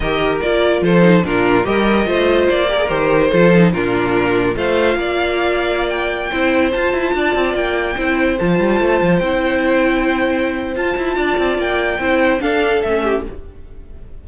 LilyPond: <<
  \new Staff \with { instrumentName = "violin" } { \time 4/4 \tempo 4 = 145 dis''4 d''4 c''4 ais'4 | dis''2 d''4 c''4~ | c''4 ais'2 f''4~ | f''2~ f''16 g''4.~ g''16~ |
g''16 a''2 g''4.~ g''16~ | g''16 a''2 g''4.~ g''16~ | g''2 a''2 | g''2 f''4 e''4 | }
  \new Staff \with { instrumentName = "violin" } { \time 4/4 ais'2 a'4 f'4 | ais'4 c''4. ais'4. | a'4 f'2 c''4 | d''2.~ d''16 c''8.~ |
c''4~ c''16 d''2 c''8.~ | c''1~ | c''2. d''4~ | d''4 c''4 a'4. g'8 | }
  \new Staff \with { instrumentName = "viola" } { \time 4/4 g'4 f'4. dis'8 d'4 | g'4 f'4. g'16 gis'16 g'4 | f'8 dis'8 d'2 f'4~ | f'2.~ f'16 e'8.~ |
e'16 f'2. e'8.~ | e'16 f'2 e'4.~ e'16~ | e'2 f'2~ | f'4 e'4 d'4 cis'4 | }
  \new Staff \with { instrumentName = "cello" } { \time 4/4 dis4 ais4 f4 ais,4 | g4 a4 ais4 dis4 | f4 ais,2 a4 | ais2.~ ais16 c'8.~ |
c'16 f'8 e'8 d'8 c'8 ais4 c'8.~ | c'16 f8 g8 a8 f8 c'4.~ c'16~ | c'2 f'8 e'8 d'8 c'8 | ais4 c'4 d'4 a4 | }
>>